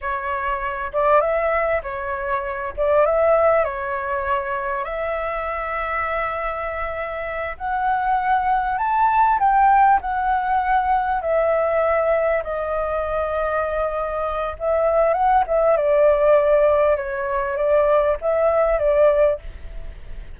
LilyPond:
\new Staff \with { instrumentName = "flute" } { \time 4/4 \tempo 4 = 99 cis''4. d''8 e''4 cis''4~ | cis''8 d''8 e''4 cis''2 | e''1~ | e''8 fis''2 a''4 g''8~ |
g''8 fis''2 e''4.~ | e''8 dis''2.~ dis''8 | e''4 fis''8 e''8 d''2 | cis''4 d''4 e''4 d''4 | }